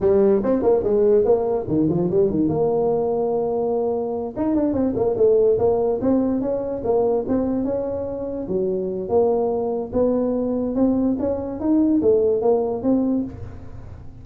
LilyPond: \new Staff \with { instrumentName = "tuba" } { \time 4/4 \tempo 4 = 145 g4 c'8 ais8 gis4 ais4 | dis8 f8 g8 dis8 ais2~ | ais2~ ais8 dis'8 d'8 c'8 | ais8 a4 ais4 c'4 cis'8~ |
cis'8 ais4 c'4 cis'4.~ | cis'8 fis4. ais2 | b2 c'4 cis'4 | dis'4 a4 ais4 c'4 | }